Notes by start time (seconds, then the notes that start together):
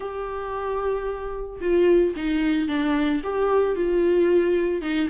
0.00 G4
1.60 F4
2.16 D#4
2.68 D4
3.23 G4
3.75 F4
4.81 D#4